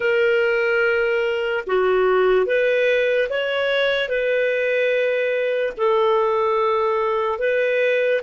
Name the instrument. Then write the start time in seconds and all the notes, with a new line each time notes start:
clarinet
0.00 A#4
1.67 F#4
2.46 B4
3.29 C#5
4.09 B4
5.77 A4
7.39 B4